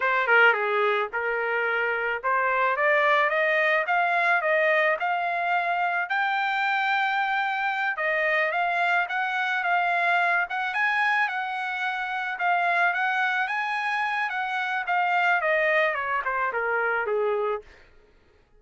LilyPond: \new Staff \with { instrumentName = "trumpet" } { \time 4/4 \tempo 4 = 109 c''8 ais'8 gis'4 ais'2 | c''4 d''4 dis''4 f''4 | dis''4 f''2 g''4~ | g''2~ g''8 dis''4 f''8~ |
f''8 fis''4 f''4. fis''8 gis''8~ | gis''8 fis''2 f''4 fis''8~ | fis''8 gis''4. fis''4 f''4 | dis''4 cis''8 c''8 ais'4 gis'4 | }